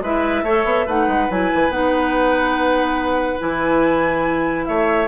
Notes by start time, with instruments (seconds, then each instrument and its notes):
0.00 bassoon G#3, clarinet E4, oboe B4, flute E5
0.43 bassoon A3, clarinet A4, oboe C#5
0.64 bassoon B3
0.86 bassoon A3, clarinet D#4, oboe B4, flute F#5
1.07 bassoon G#3
1.29 bassoon F#3, clarinet E4, flute G#5
1.54 bassoon E3
1.69 bassoon B3, clarinet D#4, flute F#5
3.38 bassoon E3, clarinet E4, flute G#5
4.65 bassoon A3, oboe C#5, flute E5